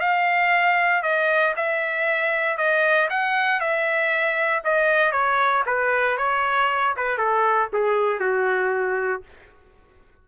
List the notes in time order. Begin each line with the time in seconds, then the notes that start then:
0.00 F5
1.03 D#5
1.56 E5
2.58 D#5
3.10 F#5
3.60 E5
4.64 D#5
5.12 C#5
5.66 B4
6.18 C#5
6.97 B4
7.18 A4
7.73 G#4
8.20 F#4